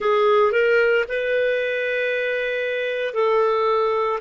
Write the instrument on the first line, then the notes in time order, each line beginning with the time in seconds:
clarinet
0.00 G#4
0.52 A#4
1.08 B4
3.13 A4